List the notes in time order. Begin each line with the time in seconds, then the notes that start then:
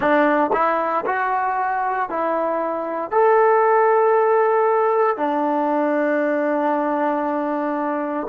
0.00 D4
0.53 E4
1.06 F#4
2.09 E4
3.11 A4
5.16 D4